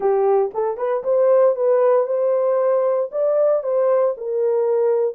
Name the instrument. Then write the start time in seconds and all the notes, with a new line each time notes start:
horn
0.00 G4
0.54 A4
0.77 B4
1.03 C5
1.55 B4
2.06 C5
3.11 D5
3.63 C5
4.17 A#4